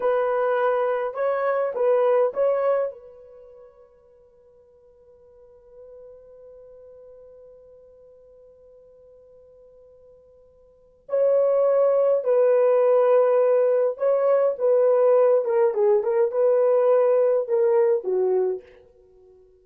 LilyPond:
\new Staff \with { instrumentName = "horn" } { \time 4/4 \tempo 4 = 103 b'2 cis''4 b'4 | cis''4 b'2.~ | b'1~ | b'1~ |
b'2. cis''4~ | cis''4 b'2. | cis''4 b'4. ais'8 gis'8 ais'8 | b'2 ais'4 fis'4 | }